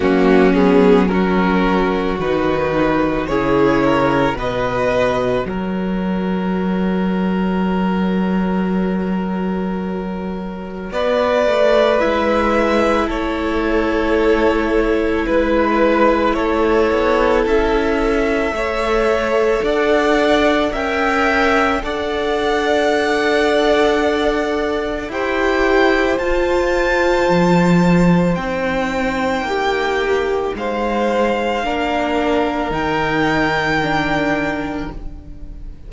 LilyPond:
<<
  \new Staff \with { instrumentName = "violin" } { \time 4/4 \tempo 4 = 55 fis'8 gis'8 ais'4 b'4 cis''4 | dis''4 cis''2.~ | cis''2 d''4 e''4 | cis''2 b'4 cis''4 |
e''2 fis''4 g''4 | fis''2. g''4 | a''2 g''2 | f''2 g''2 | }
  \new Staff \with { instrumentName = "violin" } { \time 4/4 cis'4 fis'2 gis'8 ais'8 | b'4 ais'2.~ | ais'2 b'2 | a'2 b'4 a'4~ |
a'4 cis''4 d''4 e''4 | d''2. c''4~ | c''2. g'4 | c''4 ais'2. | }
  \new Staff \with { instrumentName = "viola" } { \time 4/4 ais8 b8 cis'4 dis'4 e'4 | fis'1~ | fis'2. e'4~ | e'1~ |
e'4 a'2 ais'4 | a'2. g'4 | f'2 dis'2~ | dis'4 d'4 dis'4 d'4 | }
  \new Staff \with { instrumentName = "cello" } { \time 4/4 fis2 dis4 cis4 | b,4 fis2.~ | fis2 b8 a8 gis4 | a2 gis4 a8 b8 |
cis'4 a4 d'4 cis'4 | d'2. e'4 | f'4 f4 c'4 ais4 | gis4 ais4 dis2 | }
>>